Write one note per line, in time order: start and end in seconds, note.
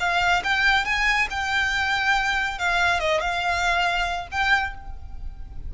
0.00 0.43 F5
0.44 0.85 G5
0.85 1.28 G#5
1.31 2.59 G5
2.59 3.00 F5
3.00 3.21 D#5
3.21 4.28 F5
4.31 4.74 G5